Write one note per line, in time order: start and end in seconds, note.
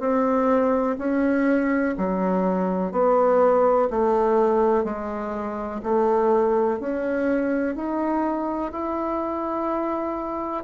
0.00 0.97 C4
0.99 1.96 C#4
1.98 2.93 F#3
2.93 3.89 B3
3.91 4.85 A3
4.85 5.82 G#3
5.84 6.80 A3
6.80 7.76 C#4
7.76 8.72 D#4
8.72 10.64 E4